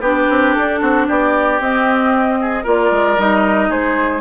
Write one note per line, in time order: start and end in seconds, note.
0.00 0.26 B3
0.00 1.61 D4
0.00 0.80 G4
0.00 0.53 B4
0.29 0.56 C4
0.53 0.81 D4
0.53 1.06 A4
0.80 1.07 C4
0.80 1.07 F#4
1.07 1.60 B3
1.07 2.39 G4
1.07 1.61 D5
1.60 2.65 C4
1.60 2.66 D#5
2.41 2.63 G#4
2.63 2.91 A#3
2.63 3.17 F4
2.63 3.69 A#4
2.63 3.20 D5
2.91 3.17 G#3
3.18 3.69 G3
3.18 4.21 D#4
3.18 3.71 D#5
3.69 4.21 G#3
3.69 4.21 G#4
3.69 4.21 C5